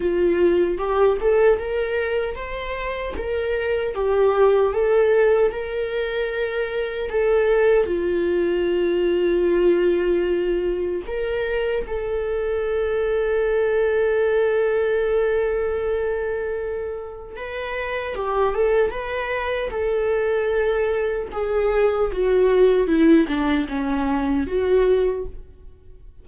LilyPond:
\new Staff \with { instrumentName = "viola" } { \time 4/4 \tempo 4 = 76 f'4 g'8 a'8 ais'4 c''4 | ais'4 g'4 a'4 ais'4~ | ais'4 a'4 f'2~ | f'2 ais'4 a'4~ |
a'1~ | a'2 b'4 g'8 a'8 | b'4 a'2 gis'4 | fis'4 e'8 d'8 cis'4 fis'4 | }